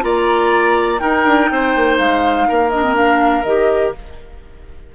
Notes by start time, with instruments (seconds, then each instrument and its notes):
0.00 bassoon A#3, clarinet F4, oboe D5, flute A#5
0.98 clarinet D#4, bassoon D#4, oboe A#4, flute G5
1.24 bassoon D4
1.50 bassoon C4, oboe C5
1.76 bassoon A#3
1.98 bassoon G#3, flute F5
2.48 bassoon A#3, oboe A#4
2.70 clarinet D4, flute D#5
2.83 clarinet C4
2.94 clarinet D4, flute F5
3.43 bassoon D#3, clarinet G4, flute D#5